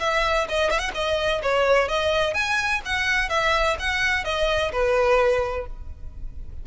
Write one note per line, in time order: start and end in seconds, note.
0.00 0.47 E5
0.49 0.71 D#5
0.71 0.79 E5
0.79 0.91 F#5
0.95 1.42 D#5
1.43 1.89 C#5
1.89 2.35 D#5
2.35 2.82 G#5
2.85 3.30 F#5
3.30 3.77 E5
3.80 4.25 F#5
4.25 4.72 D#5
4.72 5.67 B4